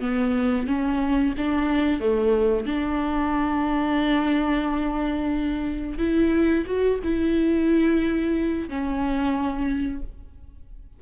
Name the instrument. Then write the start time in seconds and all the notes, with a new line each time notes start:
viola
0.00 B3
0.67 C#4
1.37 D4
2.00 A3
2.66 D4
5.98 E4
6.66 F#4
7.03 E4
8.68 C#4